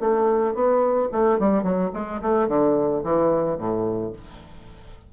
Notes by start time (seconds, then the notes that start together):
0.00 A3
0.54 B3
1.12 A3
1.39 G3
1.63 F#3
1.94 G#3
2.22 A3
2.48 D3
3.04 E3
3.58 A2